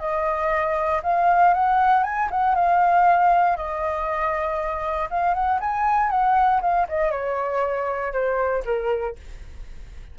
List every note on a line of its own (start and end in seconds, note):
0.00 1.02 D#5
1.03 1.54 F5
1.54 2.04 F#5
2.04 2.29 G#5
2.31 2.56 F#5
2.56 3.57 F5
3.57 5.09 D#5
5.11 5.34 F5
5.34 5.60 F#5
5.60 6.10 G#5
6.10 6.61 F#5
6.62 6.87 F5
6.89 7.11 D#5
7.11 8.13 C#5
8.13 8.64 C5
8.66 9.16 A#4